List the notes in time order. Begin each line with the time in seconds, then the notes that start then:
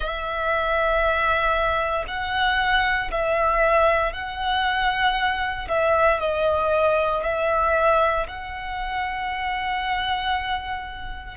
0.00 E5
2.07 F#5
3.11 E5
4.12 F#5
5.68 E5
6.20 D#5
7.23 E5
8.27 F#5